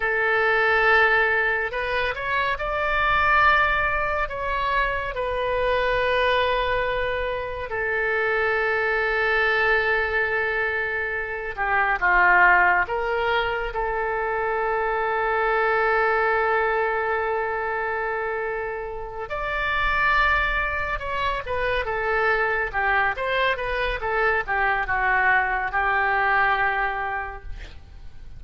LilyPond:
\new Staff \with { instrumentName = "oboe" } { \time 4/4 \tempo 4 = 70 a'2 b'8 cis''8 d''4~ | d''4 cis''4 b'2~ | b'4 a'2.~ | a'4. g'8 f'4 ais'4 |
a'1~ | a'2~ a'8 d''4.~ | d''8 cis''8 b'8 a'4 g'8 c''8 b'8 | a'8 g'8 fis'4 g'2 | }